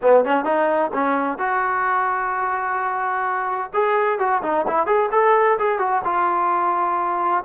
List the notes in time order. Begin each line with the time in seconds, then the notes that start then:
0.02 B3
0.25 C#4
0.44 D#4
0.93 C#4
1.38 F#4
3.73 G#4
4.18 F#4
4.42 D#4
4.67 E4
4.86 G#4
5.11 A4
5.58 G#4
5.78 F#4
6.04 F4